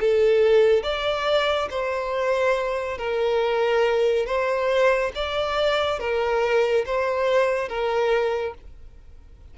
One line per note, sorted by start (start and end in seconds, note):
0.00 0.83 A4
0.83 1.68 D5
1.70 2.97 C5
2.97 4.26 A#4
4.26 5.12 C5
5.15 5.99 D5
5.99 6.85 A#4
6.86 7.68 C5
7.68 8.54 A#4